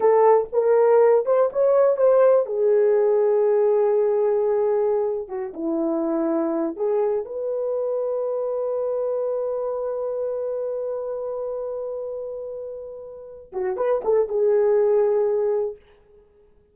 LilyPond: \new Staff \with { instrumentName = "horn" } { \time 4/4 \tempo 4 = 122 a'4 ais'4. c''8 cis''4 | c''4 gis'2.~ | gis'2~ gis'8. fis'8 e'8.~ | e'4.~ e'16 gis'4 b'4~ b'16~ |
b'1~ | b'1~ | b'2.~ b'8 fis'8 | b'8 a'8 gis'2. | }